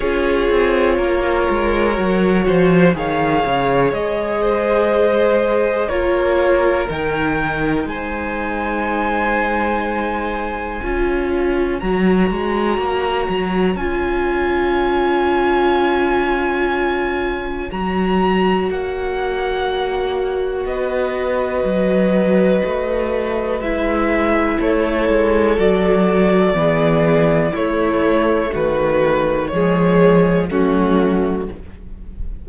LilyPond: <<
  \new Staff \with { instrumentName = "violin" } { \time 4/4 \tempo 4 = 61 cis''2. f''4 | dis''2 cis''4 g''4 | gis''1 | ais''2 gis''2~ |
gis''2 ais''4 fis''4~ | fis''4 dis''2. | e''4 cis''4 d''2 | cis''4 b'4 cis''4 fis'4 | }
  \new Staff \with { instrumentName = "violin" } { \time 4/4 gis'4 ais'4. c''8 cis''4~ | cis''8 c''4. ais'2 | c''2. cis''4~ | cis''1~ |
cis''1~ | cis''4 b'2.~ | b'4 a'2 gis'4 | e'4 fis'4 gis'4 cis'4 | }
  \new Staff \with { instrumentName = "viola" } { \time 4/4 f'2 fis'4 gis'4~ | gis'2 f'4 dis'4~ | dis'2. f'4 | fis'2 f'2~ |
f'2 fis'2~ | fis'1 | e'2 fis'4 b4 | a2 gis4 a4 | }
  \new Staff \with { instrumentName = "cello" } { \time 4/4 cis'8 c'8 ais8 gis8 fis8 f8 dis8 cis8 | gis2 ais4 dis4 | gis2. cis'4 | fis8 gis8 ais8 fis8 cis'2~ |
cis'2 fis4 ais4~ | ais4 b4 fis4 a4 | gis4 a8 gis8 fis4 e4 | a4 dis4 f4 fis4 | }
>>